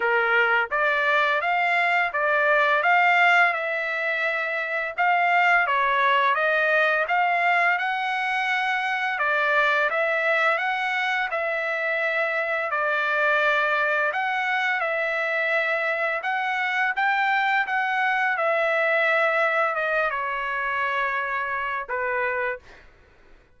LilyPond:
\new Staff \with { instrumentName = "trumpet" } { \time 4/4 \tempo 4 = 85 ais'4 d''4 f''4 d''4 | f''4 e''2 f''4 | cis''4 dis''4 f''4 fis''4~ | fis''4 d''4 e''4 fis''4 |
e''2 d''2 | fis''4 e''2 fis''4 | g''4 fis''4 e''2 | dis''8 cis''2~ cis''8 b'4 | }